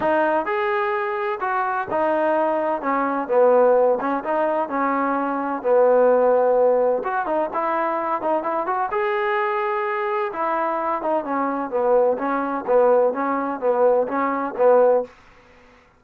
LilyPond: \new Staff \with { instrumentName = "trombone" } { \time 4/4 \tempo 4 = 128 dis'4 gis'2 fis'4 | dis'2 cis'4 b4~ | b8 cis'8 dis'4 cis'2 | b2. fis'8 dis'8 |
e'4. dis'8 e'8 fis'8 gis'4~ | gis'2 e'4. dis'8 | cis'4 b4 cis'4 b4 | cis'4 b4 cis'4 b4 | }